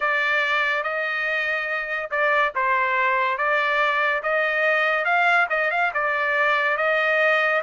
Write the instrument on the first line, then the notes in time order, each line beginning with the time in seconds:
trumpet
0.00 D5
0.83 D#5
2.10 D5
2.55 C5
3.37 D5
4.23 D#5
5.04 F5
5.49 D#5
5.70 F5
5.93 D5
6.77 D#5